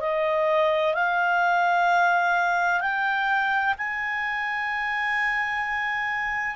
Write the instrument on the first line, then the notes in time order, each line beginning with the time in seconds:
clarinet
0.00 D#5
0.94 F5
2.80 G5
3.78 G#5